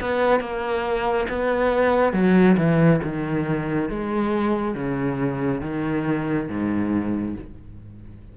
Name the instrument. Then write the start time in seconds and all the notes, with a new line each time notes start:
cello
0.00 B3
0.40 A#3
1.28 B3
2.13 F#3
2.57 E3
3.03 D#3
3.89 G#3
4.75 C#3
5.61 D#3
6.48 G#2